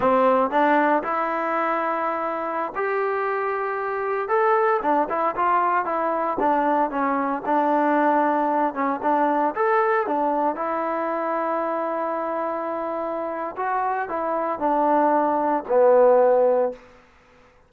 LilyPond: \new Staff \with { instrumentName = "trombone" } { \time 4/4 \tempo 4 = 115 c'4 d'4 e'2~ | e'4~ e'16 g'2~ g'8.~ | g'16 a'4 d'8 e'8 f'4 e'8.~ | e'16 d'4 cis'4 d'4.~ d'16~ |
d'8. cis'8 d'4 a'4 d'8.~ | d'16 e'2.~ e'8.~ | e'2 fis'4 e'4 | d'2 b2 | }